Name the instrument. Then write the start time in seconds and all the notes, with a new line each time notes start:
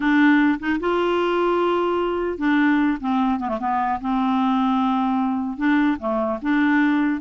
clarinet
0.00 D4
0.59 D#4
0.79 F4
2.38 D4
3.00 C4
3.39 B3
3.48 A3
3.60 B3
4.00 C4
5.57 D4
5.99 A3
6.41 D4